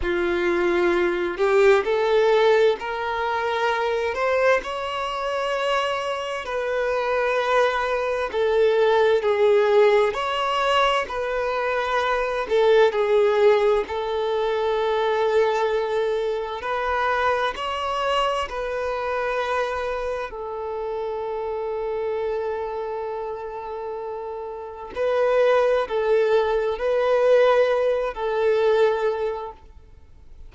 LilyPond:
\new Staff \with { instrumentName = "violin" } { \time 4/4 \tempo 4 = 65 f'4. g'8 a'4 ais'4~ | ais'8 c''8 cis''2 b'4~ | b'4 a'4 gis'4 cis''4 | b'4. a'8 gis'4 a'4~ |
a'2 b'4 cis''4 | b'2 a'2~ | a'2. b'4 | a'4 b'4. a'4. | }